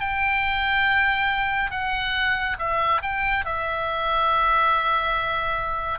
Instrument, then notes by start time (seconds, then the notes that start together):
oboe
0.00 G5
1.71 F#5
2.59 E5
3.02 G5
3.45 E5